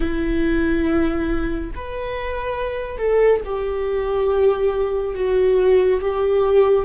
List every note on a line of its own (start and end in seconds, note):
0.00 1.70 E4
1.75 2.98 B4
2.98 3.41 A4
3.44 5.14 G4
5.14 6.00 F#4
6.00 6.85 G4